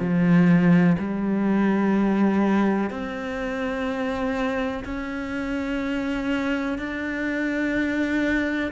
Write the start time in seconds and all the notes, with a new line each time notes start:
0.00 F3
0.99 G3
2.91 C4
4.85 C#4
6.79 D4